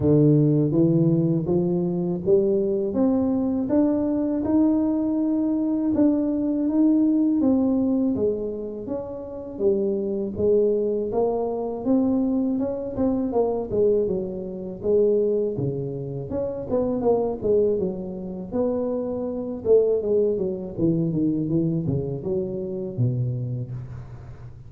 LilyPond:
\new Staff \with { instrumentName = "tuba" } { \time 4/4 \tempo 4 = 81 d4 e4 f4 g4 | c'4 d'4 dis'2 | d'4 dis'4 c'4 gis4 | cis'4 g4 gis4 ais4 |
c'4 cis'8 c'8 ais8 gis8 fis4 | gis4 cis4 cis'8 b8 ais8 gis8 | fis4 b4. a8 gis8 fis8 | e8 dis8 e8 cis8 fis4 b,4 | }